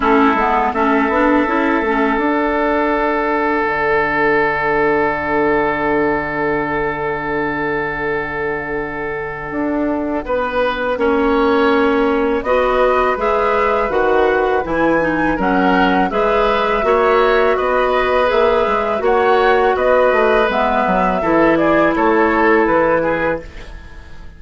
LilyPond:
<<
  \new Staff \with { instrumentName = "flute" } { \time 4/4 \tempo 4 = 82 a'4 e''2 fis''4~ | fis''1~ | fis''1~ | fis''1~ |
fis''4 dis''4 e''4 fis''4 | gis''4 fis''4 e''2 | dis''4 e''4 fis''4 dis''4 | e''4. d''8 cis''4 b'4 | }
  \new Staff \with { instrumentName = "oboe" } { \time 4/4 e'4 a'2.~ | a'1~ | a'1~ | a'2 b'4 cis''4~ |
cis''4 b'2.~ | b'4 ais'4 b'4 cis''4 | b'2 cis''4 b'4~ | b'4 a'8 gis'8 a'4. gis'8 | }
  \new Staff \with { instrumentName = "clarinet" } { \time 4/4 cis'8 b8 cis'8 d'8 e'8 cis'8 d'4~ | d'1~ | d'1~ | d'2. cis'4~ |
cis'4 fis'4 gis'4 fis'4 | e'8 dis'8 cis'4 gis'4 fis'4~ | fis'4 gis'4 fis'2 | b4 e'2. | }
  \new Staff \with { instrumentName = "bassoon" } { \time 4/4 a8 gis8 a8 b8 cis'8 a8 d'4~ | d'4 d2.~ | d1~ | d4 d'4 b4 ais4~ |
ais4 b4 gis4 dis4 | e4 fis4 gis4 ais4 | b4 ais8 gis8 ais4 b8 a8 | gis8 fis8 e4 a4 e4 | }
>>